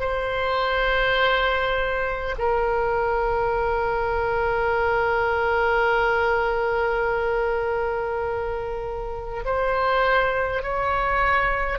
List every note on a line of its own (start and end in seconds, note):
0.00 2.35 C5
2.39 9.44 A#4
9.45 10.63 C5
10.63 11.79 C#5